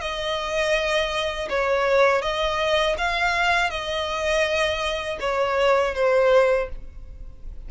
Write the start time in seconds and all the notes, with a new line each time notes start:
0.00 D#5
1.49 C#5
2.21 D#5
2.97 F5
3.70 D#5
5.20 C#5
5.94 C5